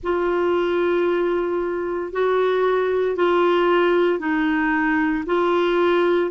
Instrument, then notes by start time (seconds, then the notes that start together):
clarinet
0.03 F4
2.12 F#4
3.16 F4
4.19 D#4
5.25 F4